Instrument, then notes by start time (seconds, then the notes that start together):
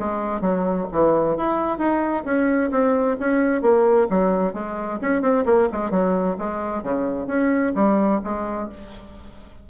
bassoon
0.00 G#3
0.41 F#3
0.92 E3
1.37 E4
1.78 D#4
2.25 C#4
2.71 C4
3.20 C#4
3.62 A#3
4.10 F#3
4.54 G#3
5.02 C#4
5.22 C4
5.46 A#3
5.73 G#3
5.91 F#3
6.39 G#3
6.84 C#3
7.28 C#4
7.76 G3
8.24 G#3